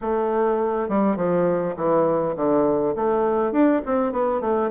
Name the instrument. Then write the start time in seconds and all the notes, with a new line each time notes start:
bassoon
0.01 A3
0.88 G3
1.16 F3
1.76 E3
2.36 D3
2.95 A3
3.51 D4
3.85 C4
4.12 B3
4.40 A3